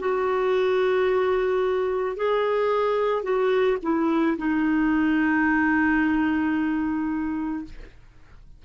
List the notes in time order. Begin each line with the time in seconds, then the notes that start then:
0.00 F#4
2.17 G#4
3.23 F#4
3.83 E4
4.38 D#4